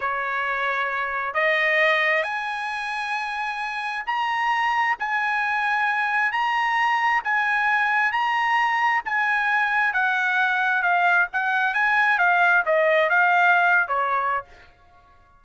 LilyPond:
\new Staff \with { instrumentName = "trumpet" } { \time 4/4 \tempo 4 = 133 cis''2. dis''4~ | dis''4 gis''2.~ | gis''4 ais''2 gis''4~ | gis''2 ais''2 |
gis''2 ais''2 | gis''2 fis''2 | f''4 fis''4 gis''4 f''4 | dis''4 f''4.~ f''16 cis''4~ cis''16 | }